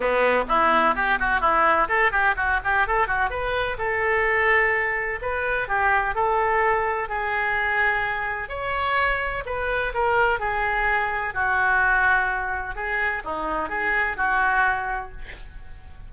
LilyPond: \new Staff \with { instrumentName = "oboe" } { \time 4/4 \tempo 4 = 127 b4 e'4 g'8 fis'8 e'4 | a'8 g'8 fis'8 g'8 a'8 fis'8 b'4 | a'2. b'4 | g'4 a'2 gis'4~ |
gis'2 cis''2 | b'4 ais'4 gis'2 | fis'2. gis'4 | dis'4 gis'4 fis'2 | }